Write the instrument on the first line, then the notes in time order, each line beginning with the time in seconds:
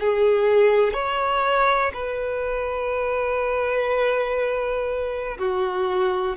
violin
0.00 G#4
0.93 C#5
1.94 B4
5.38 F#4